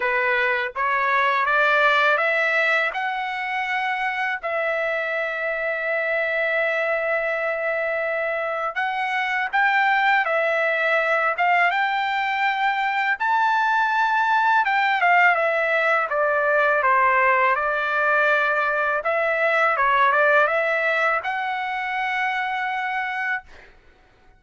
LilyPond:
\new Staff \with { instrumentName = "trumpet" } { \time 4/4 \tempo 4 = 82 b'4 cis''4 d''4 e''4 | fis''2 e''2~ | e''1 | fis''4 g''4 e''4. f''8 |
g''2 a''2 | g''8 f''8 e''4 d''4 c''4 | d''2 e''4 cis''8 d''8 | e''4 fis''2. | }